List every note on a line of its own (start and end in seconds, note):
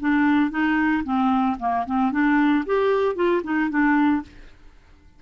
0.00 0.50 D4
0.50 1.03 D#4
1.04 1.57 C4
1.59 1.85 A#3
1.86 2.12 C4
2.12 2.64 D4
2.66 3.15 G4
3.15 3.42 F4
3.43 3.69 D#4
3.69 4.22 D4